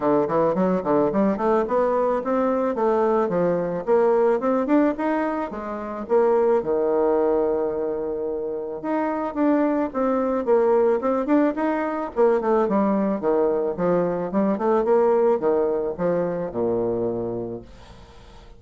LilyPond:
\new Staff \with { instrumentName = "bassoon" } { \time 4/4 \tempo 4 = 109 d8 e8 fis8 d8 g8 a8 b4 | c'4 a4 f4 ais4 | c'8 d'8 dis'4 gis4 ais4 | dis1 |
dis'4 d'4 c'4 ais4 | c'8 d'8 dis'4 ais8 a8 g4 | dis4 f4 g8 a8 ais4 | dis4 f4 ais,2 | }